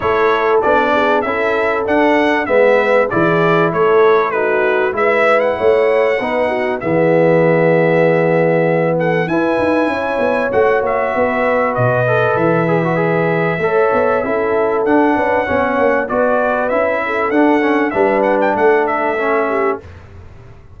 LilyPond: <<
  \new Staff \with { instrumentName = "trumpet" } { \time 4/4 \tempo 4 = 97 cis''4 d''4 e''4 fis''4 | e''4 d''4 cis''4 b'4 | e''8. fis''2~ fis''16 e''4~ | e''2~ e''8 fis''8 gis''4~ |
gis''4 fis''8 e''4. dis''4 | e''1 | fis''2 d''4 e''4 | fis''4 e''8 fis''16 g''16 fis''8 e''4. | }
  \new Staff \with { instrumentName = "horn" } { \time 4/4 a'4. gis'8 a'2 | b'4 gis'4 a'4 fis'4 | b'4 cis''4 b'8 fis'8 gis'4~ | gis'2~ gis'8 a'8 b'4 |
cis''2 b'2~ | b'2 cis''4 a'4~ | a'8 b'8 cis''4 b'4. a'8~ | a'4 b'4 a'4. g'8 | }
  \new Staff \with { instrumentName = "trombone" } { \time 4/4 e'4 d'4 e'4 d'4 | b4 e'2 dis'4 | e'2 dis'4 b4~ | b2. e'4~ |
e'4 fis'2~ fis'8 a'8~ | a'8 gis'16 fis'16 gis'4 a'4 e'4 | d'4 cis'4 fis'4 e'4 | d'8 cis'8 d'2 cis'4 | }
  \new Staff \with { instrumentName = "tuba" } { \time 4/4 a4 b4 cis'4 d'4 | gis4 e4 a2 | gis4 a4 b4 e4~ | e2. e'8 dis'8 |
cis'8 b8 a8 ais8 b4 b,4 | e2 a8 b8 cis'4 | d'8 cis'8 b8 ais8 b4 cis'4 | d'4 g4 a2 | }
>>